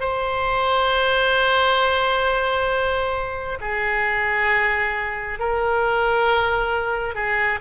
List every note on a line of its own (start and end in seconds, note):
0.00 3.58 C5
3.60 5.39 G#4
5.39 7.14 A#4
7.14 7.59 G#4